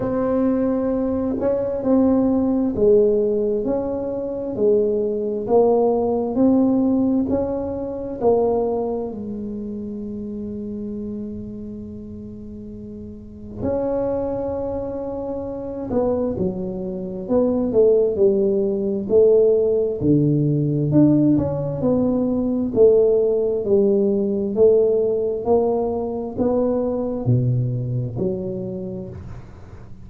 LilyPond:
\new Staff \with { instrumentName = "tuba" } { \time 4/4 \tempo 4 = 66 c'4. cis'8 c'4 gis4 | cis'4 gis4 ais4 c'4 | cis'4 ais4 gis2~ | gis2. cis'4~ |
cis'4. b8 fis4 b8 a8 | g4 a4 d4 d'8 cis'8 | b4 a4 g4 a4 | ais4 b4 b,4 fis4 | }